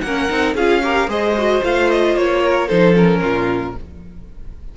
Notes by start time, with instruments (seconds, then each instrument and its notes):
0.00 cello A#3, violin A#4 F#5
0.07 viola C#4
0.29 cello C4, viola D#4
0.54 cello C#4, viola F4, violin G#4 F5
0.82 viola G4, violin A#4
1.07 cello G#3, viola G#4, violin C5 D#5
1.37 viola F#4
1.62 cello A3, viola F4, violin F5
1.90 violin D#5
2.15 cello A#3, violin C#5
2.43 violin A#4
2.67 cello F3, viola D#4, violin A4 C5
2.94 viola C#4, violin A#4
3.21 cello A#2, violin F4